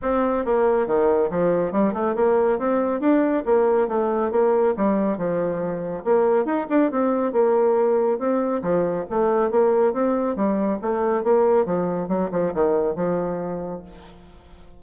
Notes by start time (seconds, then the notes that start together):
0.02 C4
0.45 A#3
0.87 D#3
1.30 F3
1.71 G3
1.93 A3
2.15 A#3
2.59 C4
3.00 D4
3.45 A#3
3.88 A3
4.31 A#3
4.76 G3
5.17 F3
6.04 A#3
6.45 D#4
6.69 D4
6.91 C4
7.32 A#3
8.18 C4
8.62 F3
9.09 A3
9.51 A#3
9.93 C4
10.35 G3
10.81 A3
11.23 A#3
11.65 F3
12.08 F#3
12.31 F3
12.54 D#3
12.95 F3